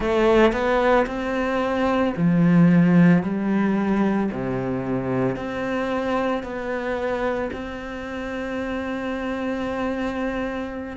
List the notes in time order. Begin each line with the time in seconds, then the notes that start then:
0.00 A3
0.52 B3
1.06 C4
2.16 F3
3.22 G3
4.31 C3
5.36 C4
6.43 B3
7.52 C4